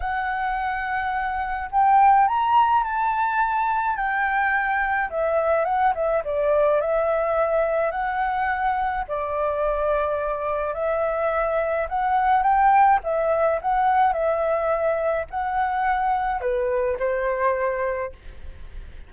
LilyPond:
\new Staff \with { instrumentName = "flute" } { \time 4/4 \tempo 4 = 106 fis''2. g''4 | ais''4 a''2 g''4~ | g''4 e''4 fis''8 e''8 d''4 | e''2 fis''2 |
d''2. e''4~ | e''4 fis''4 g''4 e''4 | fis''4 e''2 fis''4~ | fis''4 b'4 c''2 | }